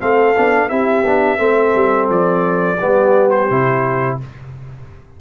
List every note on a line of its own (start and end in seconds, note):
0.00 0.36 A3
0.00 0.35 C4
0.00 0.70 A4
0.00 0.69 F5
0.36 0.70 B3
0.36 0.70 D4
0.69 1.05 C4
0.69 1.05 E4
0.69 1.40 G4
0.69 2.09 E5
1.05 1.39 B3
1.05 1.38 D4
1.38 1.74 A3
1.38 2.77 C4
1.38 2.79 A4
1.75 2.09 G3
2.09 2.79 F3
2.09 3.30 D5
2.79 3.50 G3
2.79 3.51 B3
2.79 4.19 G4
3.30 4.18 C5
3.50 4.20 C3
3.50 4.20 E4